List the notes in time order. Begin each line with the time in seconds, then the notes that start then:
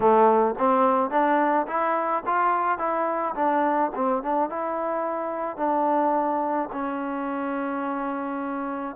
0.00 A3
0.58 C4
1.10 D4
1.67 E4
2.26 F4
2.78 E4
3.35 D4
3.95 C4
4.22 D4
4.49 E4
5.57 D4
6.72 C#4